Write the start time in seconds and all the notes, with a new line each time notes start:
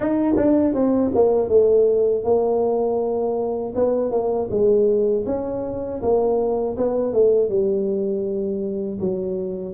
0.00 D#4
0.36 D4
0.73 C4
1.15 A#3
1.49 A3
2.23 A#3
3.75 B3
4.11 A#3
4.50 G#3
5.26 C#4
6.02 A#3
6.77 B3
7.12 A3
7.49 G3
8.99 F#3